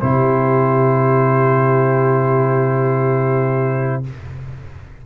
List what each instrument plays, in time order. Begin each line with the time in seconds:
0.00 tuba C3, trombone E4, horn G4, trumpet C5